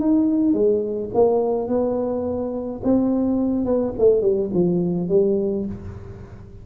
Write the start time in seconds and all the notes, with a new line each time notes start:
0.00 D#4
0.54 G#3
1.14 A#3
1.68 B3
2.84 C4
3.65 B3
3.99 A3
4.22 G3
4.54 F3
5.09 G3